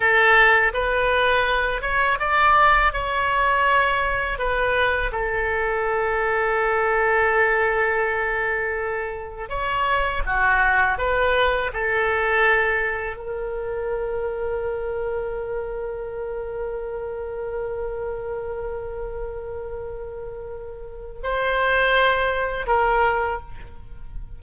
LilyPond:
\new Staff \with { instrumentName = "oboe" } { \time 4/4 \tempo 4 = 82 a'4 b'4. cis''8 d''4 | cis''2 b'4 a'4~ | a'1~ | a'4 cis''4 fis'4 b'4 |
a'2 ais'2~ | ais'1~ | ais'1~ | ais'4 c''2 ais'4 | }